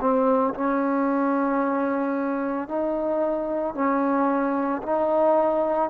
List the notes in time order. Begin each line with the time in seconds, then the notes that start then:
0.00 C4
0.54 C#4
2.68 D#4
3.75 C#4
4.83 D#4